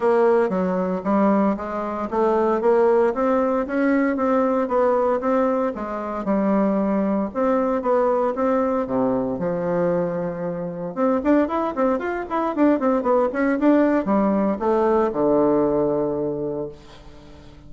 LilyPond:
\new Staff \with { instrumentName = "bassoon" } { \time 4/4 \tempo 4 = 115 ais4 fis4 g4 gis4 | a4 ais4 c'4 cis'4 | c'4 b4 c'4 gis4 | g2 c'4 b4 |
c'4 c4 f2~ | f4 c'8 d'8 e'8 c'8 f'8 e'8 | d'8 c'8 b8 cis'8 d'4 g4 | a4 d2. | }